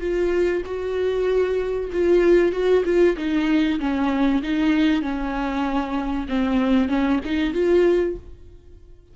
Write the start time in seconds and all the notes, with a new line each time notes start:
0.00 F4
0.65 F#4
1.92 F4
2.52 F#4
2.85 F4
3.17 D#4
3.79 C#4
4.42 D#4
5.02 C#4
6.28 C4
6.88 C#4
7.24 D#4
7.53 F4